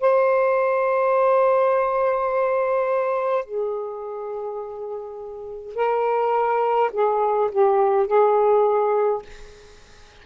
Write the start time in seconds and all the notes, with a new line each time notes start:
0.00 C5
3.45 G#4
5.75 A#4
6.92 G#4
7.51 G4
8.07 G#4